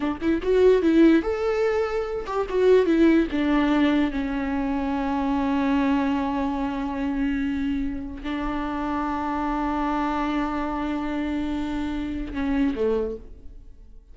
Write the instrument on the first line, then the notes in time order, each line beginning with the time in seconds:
viola
0.00 D4
0.21 E4
0.42 F#4
0.81 E4
1.22 A4
2.26 G4
2.49 F#4
2.86 E4
3.31 D4
4.11 C#4
8.23 D4
12.33 C#4
12.75 A3